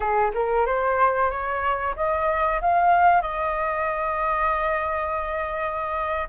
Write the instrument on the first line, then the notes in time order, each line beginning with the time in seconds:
flute
0.00 G#4
0.34 A#4
0.66 C5
1.30 C#5
1.96 D#5
2.61 F5
3.21 D#5